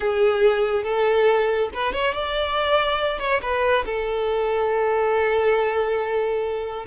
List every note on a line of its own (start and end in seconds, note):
0.00 0.83 G#4
0.83 1.69 A4
1.73 1.92 B4
1.92 2.13 C#5
2.13 3.19 D5
3.19 3.40 C#5
3.41 3.84 B4
3.85 6.85 A4